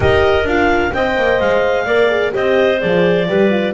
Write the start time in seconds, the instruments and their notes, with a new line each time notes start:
0.00 double bass D#4, horn G4, clarinet A#4 D#5
0.44 double bass D4, horn F4, clarinet F5
0.93 double bass C4, horn C5, clarinet D#5 G5
1.16 double bass A#3
1.40 double bass G#3, clarinet F5
1.85 double bass A#3, horn A#4, clarinet D5
2.09 horn G#4
2.31 double bass C4, horn G4, clarinet C5 D#5
2.80 double bass F3, horn G#4, clarinet D5
3.28 double bass G3, horn G4, clarinet B4
3.50 horn F4